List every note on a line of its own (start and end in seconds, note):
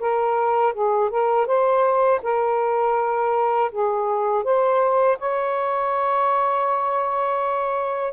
0.00 0.74 A#4
0.74 1.10 G#4
1.10 1.47 A#4
1.47 2.21 C5
2.23 3.71 A#4
3.72 4.44 G#4
4.44 5.18 C5
5.19 8.13 C#5